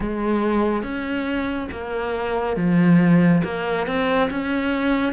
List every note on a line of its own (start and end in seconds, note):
0.00 0.82 G#3
0.82 1.68 C#4
1.71 2.56 A#3
2.56 3.42 F3
3.44 3.86 A#3
3.86 4.29 C4
4.30 5.12 C#4